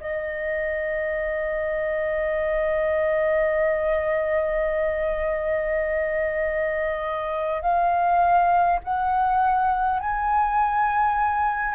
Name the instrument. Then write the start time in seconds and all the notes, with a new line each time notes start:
flute
0.00 D#5
7.61 F5
8.84 F#5
9.99 G#5